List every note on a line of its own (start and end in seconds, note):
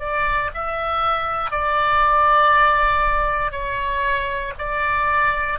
0.00 0.51 D5
0.54 1.51 E5
1.51 3.52 D5
3.52 4.54 C#5
4.59 5.59 D5